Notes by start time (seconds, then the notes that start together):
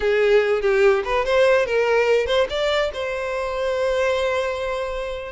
0.00 G#4
0.61 G4
1.04 B4
1.25 C5
1.66 A#4
2.26 C5
2.49 D5
2.93 C5